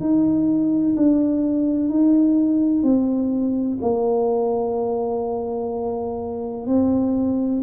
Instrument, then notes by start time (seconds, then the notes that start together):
tuba
0.00 D#4
0.96 D4
1.90 D#4
2.83 C4
3.81 A#3
6.67 C4